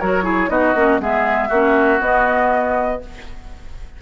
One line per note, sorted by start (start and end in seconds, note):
0.00 0.49 F#3
0.00 0.23 F#4
0.00 0.24 A#4
0.00 0.50 C#5
0.23 0.48 E4
0.23 0.50 G#4
0.49 0.74 B3
0.49 0.74 D#4
0.49 1.01 F#4
0.49 1.00 D#5
0.75 1.00 A#3
0.75 1.00 C#4
1.00 1.51 G#3
1.00 1.50 B3
1.00 1.49 G#4
1.00 2.01 E5
1.49 2.01 A#3
1.49 2.00 C#4
1.49 3.00 F#4
2.00 3.01 B3
2.00 3.02 B3
2.00 3.02 D#5